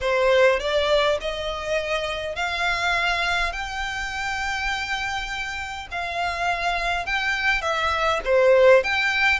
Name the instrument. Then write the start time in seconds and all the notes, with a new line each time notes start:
violin
0.01 C5
0.59 D5
1.21 D#5
2.35 F5
3.52 G5
5.91 F5
7.06 G5
7.61 E5
8.24 C5
8.83 G5